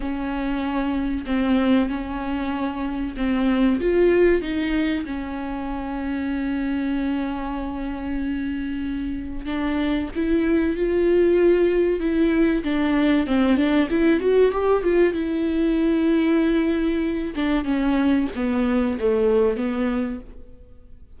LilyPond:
\new Staff \with { instrumentName = "viola" } { \time 4/4 \tempo 4 = 95 cis'2 c'4 cis'4~ | cis'4 c'4 f'4 dis'4 | cis'1~ | cis'2. d'4 |
e'4 f'2 e'4 | d'4 c'8 d'8 e'8 fis'8 g'8 f'8 | e'2.~ e'8 d'8 | cis'4 b4 a4 b4 | }